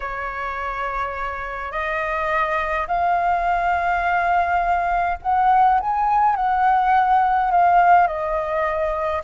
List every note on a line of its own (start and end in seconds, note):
0.00 1.71 C#5
1.71 2.87 D#5
2.87 5.18 F5
5.22 5.80 F#5
5.80 6.35 G#5
6.35 7.51 F#5
7.51 8.07 F5
8.07 9.22 D#5